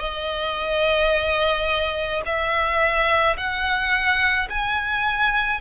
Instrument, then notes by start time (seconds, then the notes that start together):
violin
0.00 D#5
2.26 E5
3.37 F#5
4.50 G#5